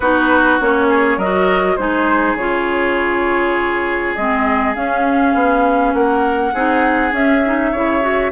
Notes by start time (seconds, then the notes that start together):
0.00 B3 D#4 F#4 B4
0.60 A#3 C#4 C#5
0.89 G#4
1.17 F#3 F#4 A#4 D#5
1.76 G#3 D#4 G#4 C5
2.34 C#3 F4 C#5
4.15 G#3 C4 D#5
4.75 C#4 F5
5.34 B3
5.93 A#3 A#4 F#5
6.53 C4 D#4 G#4
7.11 C#4 E5
7.45 D#4
7.71 C#3 E4 C#5
8.01 F#4